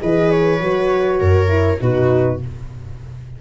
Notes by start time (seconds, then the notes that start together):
0.00 E3 G#4 B4 D#5
0.31 C#5
0.60 F#3 F#4
1.20 F#2 A#4
1.48 E4
1.80 B2 D#4 F#4 B4